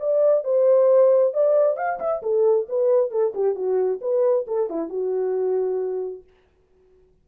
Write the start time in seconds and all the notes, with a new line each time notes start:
0.00 D5
0.44 C5
1.34 D5
1.77 F5
2.00 E5
2.23 A4
2.69 B4
3.11 A4
3.35 G4
3.56 F#4
4.02 B4
4.48 A4
4.70 E4
4.90 F#4